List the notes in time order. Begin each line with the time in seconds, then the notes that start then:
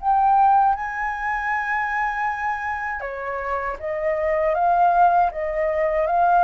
0.00 G5
0.75 G#5
3.00 C#5
3.79 D#5
4.54 F5
5.31 D#5
6.06 F5